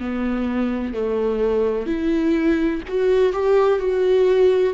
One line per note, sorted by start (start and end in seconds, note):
0.00 0.94 B3
0.94 1.87 A3
1.87 2.82 E4
2.88 3.33 F#4
3.33 3.80 G4
3.80 4.74 F#4